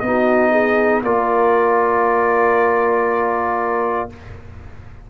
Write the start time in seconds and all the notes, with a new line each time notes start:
0.00 B3 D#4 D#5
0.07 F#4
0.51 G#4
1.03 A#3 F4 A#4 D5